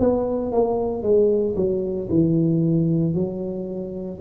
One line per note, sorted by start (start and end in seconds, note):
0.00 0.52 B3
0.52 1.03 A#3
1.03 1.56 G#3
1.56 2.09 F#3
2.10 3.14 E3
3.14 4.20 F#3